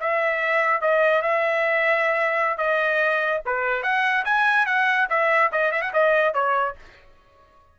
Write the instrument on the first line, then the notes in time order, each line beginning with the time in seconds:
trumpet
0.00 E5
0.82 D#5
1.22 E5
2.58 D#5
3.46 B4
3.83 F#5
4.25 G#5
4.66 F#5
5.10 E5
5.52 D#5
5.72 E5
5.82 F#5
5.93 D#5
6.34 C#5